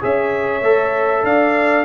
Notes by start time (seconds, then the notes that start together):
0.00 C#4 G#4 C#5 E5
0.61 A3 A4
1.23 D4 D5 F5